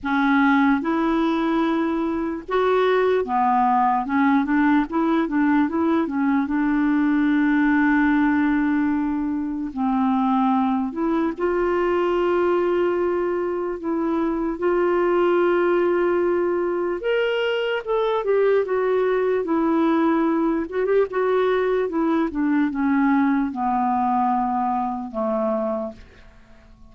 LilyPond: \new Staff \with { instrumentName = "clarinet" } { \time 4/4 \tempo 4 = 74 cis'4 e'2 fis'4 | b4 cis'8 d'8 e'8 d'8 e'8 cis'8 | d'1 | c'4. e'8 f'2~ |
f'4 e'4 f'2~ | f'4 ais'4 a'8 g'8 fis'4 | e'4. fis'16 g'16 fis'4 e'8 d'8 | cis'4 b2 a4 | }